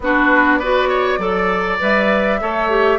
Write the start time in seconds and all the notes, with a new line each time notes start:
0.00 B3 D4 F#4 B4
0.56 B4 D5
0.62 F#4
0.88 C#5
1.18 F#3 A4 D5
1.79 G3 B4 E5
2.40 A3 A4 C#5
2.69 G4